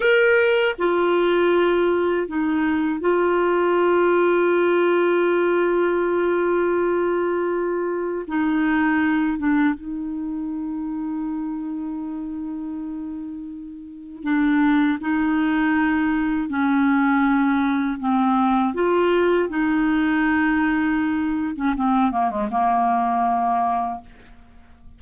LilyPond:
\new Staff \with { instrumentName = "clarinet" } { \time 4/4 \tempo 4 = 80 ais'4 f'2 dis'4 | f'1~ | f'2. dis'4~ | dis'8 d'8 dis'2.~ |
dis'2. d'4 | dis'2 cis'2 | c'4 f'4 dis'2~ | dis'8. cis'16 c'8 ais16 gis16 ais2 | }